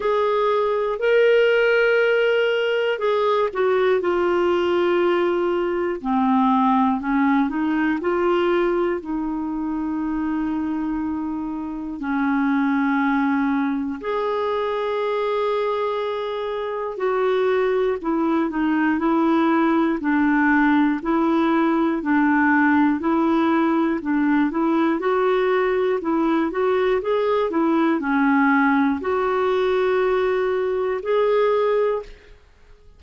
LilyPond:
\new Staff \with { instrumentName = "clarinet" } { \time 4/4 \tempo 4 = 60 gis'4 ais'2 gis'8 fis'8 | f'2 c'4 cis'8 dis'8 | f'4 dis'2. | cis'2 gis'2~ |
gis'4 fis'4 e'8 dis'8 e'4 | d'4 e'4 d'4 e'4 | d'8 e'8 fis'4 e'8 fis'8 gis'8 e'8 | cis'4 fis'2 gis'4 | }